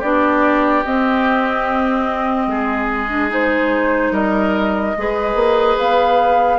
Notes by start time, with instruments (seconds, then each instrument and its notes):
0.00 bassoon B3, clarinet D4, oboe G4, flute D5
0.85 bassoon C4, clarinet C4, flute D#5
2.47 bassoon G#3, oboe G#4
3.10 clarinet D4
3.29 clarinet D#4, flute C5
4.12 bassoon G3, oboe A#4, flute D#5
4.97 bassoon G#3, clarinet G#4, oboe B4
5.35 bassoon A#3
5.79 bassoon B3, flute F5